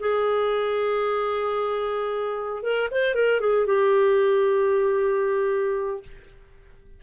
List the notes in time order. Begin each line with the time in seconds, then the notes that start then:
0.00 G#4
2.63 A#4
2.91 C5
3.15 A#4
3.41 G#4
3.67 G4